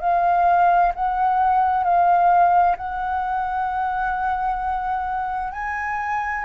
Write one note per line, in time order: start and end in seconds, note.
0.00 0.92 F5
0.95 1.84 F#5
1.84 2.76 F5
2.77 5.53 F#5
5.53 6.44 G#5